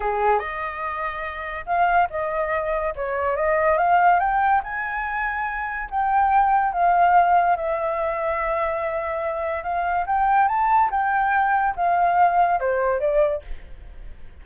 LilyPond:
\new Staff \with { instrumentName = "flute" } { \time 4/4 \tempo 4 = 143 gis'4 dis''2. | f''4 dis''2 cis''4 | dis''4 f''4 g''4 gis''4~ | gis''2 g''2 |
f''2 e''2~ | e''2. f''4 | g''4 a''4 g''2 | f''2 c''4 d''4 | }